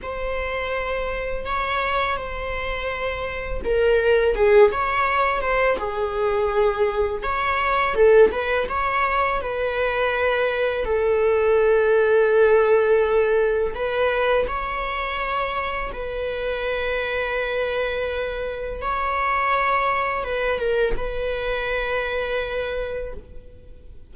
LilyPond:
\new Staff \with { instrumentName = "viola" } { \time 4/4 \tempo 4 = 83 c''2 cis''4 c''4~ | c''4 ais'4 gis'8 cis''4 c''8 | gis'2 cis''4 a'8 b'8 | cis''4 b'2 a'4~ |
a'2. b'4 | cis''2 b'2~ | b'2 cis''2 | b'8 ais'8 b'2. | }